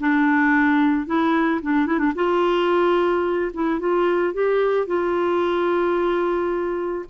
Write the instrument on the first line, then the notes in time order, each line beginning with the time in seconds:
clarinet
0.00 D4
1.06 E4
1.62 D4
1.86 E4
1.99 D4
2.15 F4
3.54 E4
3.80 F4
4.34 G4
4.87 F4